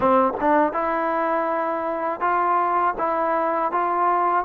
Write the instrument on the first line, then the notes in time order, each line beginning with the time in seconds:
trombone
0.00 C4
0.40 D4
0.72 E4
2.20 F4
2.98 E4
3.71 F4